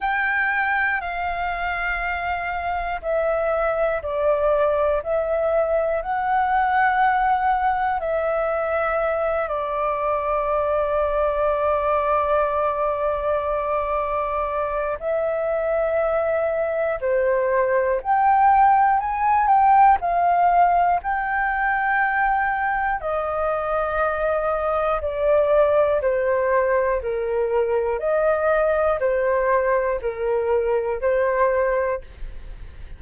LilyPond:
\new Staff \with { instrumentName = "flute" } { \time 4/4 \tempo 4 = 60 g''4 f''2 e''4 | d''4 e''4 fis''2 | e''4. d''2~ d''8~ | d''2. e''4~ |
e''4 c''4 g''4 gis''8 g''8 | f''4 g''2 dis''4~ | dis''4 d''4 c''4 ais'4 | dis''4 c''4 ais'4 c''4 | }